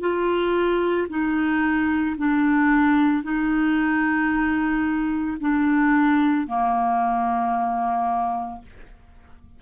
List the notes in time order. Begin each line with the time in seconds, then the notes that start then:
0.00 F4
1.09 D#4
2.18 D4
3.23 D#4
5.40 D4
6.47 A#3